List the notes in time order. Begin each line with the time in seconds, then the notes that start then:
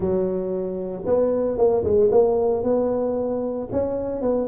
0.00 F#3
1.05 B3
1.57 A#3
1.84 G#3
2.11 A#3
2.63 B3
3.71 C#4
4.21 B3